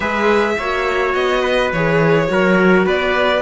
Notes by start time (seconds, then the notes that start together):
0.00 G#3 G#4 B4 E5
0.58 A#3 F#4 C#5
1.14 B3 D#5
1.41 B4
1.71 E3 G#4 C#5
2.27 F#3 F#4 A#4
2.85 B3 B4 D5